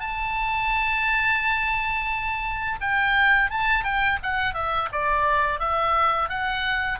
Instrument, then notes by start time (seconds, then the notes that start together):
oboe
0.00 A5
2.81 G5
3.50 A5
3.84 G5
4.23 F#5
4.54 E5
4.92 D5
5.60 E5
6.29 F#5